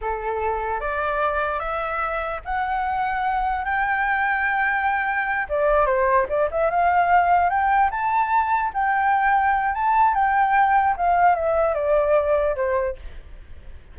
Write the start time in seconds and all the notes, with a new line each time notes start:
0.01 A4
0.80 D5
1.59 E5
2.45 F#5
3.64 G5
5.48 D5
5.86 C5
6.29 D5
6.51 E5
6.70 F5
7.49 G5
7.91 A5
8.73 G5
9.74 A5
10.14 G5
10.97 F5
11.35 E5
11.74 D5
12.55 C5